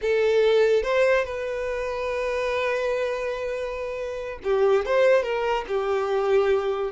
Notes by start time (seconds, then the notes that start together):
0.01 A4
0.82 C5
1.24 B4
4.43 G4
4.85 C5
5.22 A#4
5.67 G4